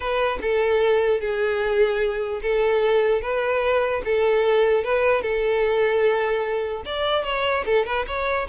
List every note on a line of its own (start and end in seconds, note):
0.00 0.39 B4
0.41 1.20 A4
1.20 2.41 G#4
2.42 3.21 A4
3.21 4.02 B4
4.05 4.84 A4
4.84 5.21 B4
5.21 6.83 A4
6.85 7.24 D5
7.24 7.64 C#5
7.65 7.85 A4
7.85 8.05 B4
8.07 8.47 C#5